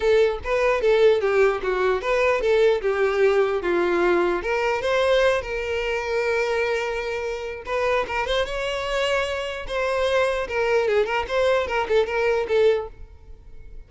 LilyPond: \new Staff \with { instrumentName = "violin" } { \time 4/4 \tempo 4 = 149 a'4 b'4 a'4 g'4 | fis'4 b'4 a'4 g'4~ | g'4 f'2 ais'4 | c''4. ais'2~ ais'8~ |
ais'2. b'4 | ais'8 c''8 cis''2. | c''2 ais'4 gis'8 ais'8 | c''4 ais'8 a'8 ais'4 a'4 | }